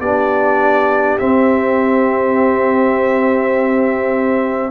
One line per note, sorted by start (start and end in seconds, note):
0.00 1.18 B3
0.00 1.19 D4
0.00 4.71 G4
0.00 1.18 D5
1.19 4.71 C4
1.19 4.71 E5